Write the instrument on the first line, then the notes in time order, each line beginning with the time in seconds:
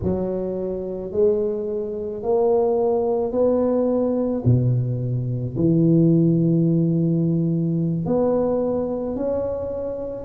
tuba
0.03 F#3
1.11 G#3
2.22 A#3
3.32 B3
4.45 B2
5.56 E3
8.06 B3
9.16 C#4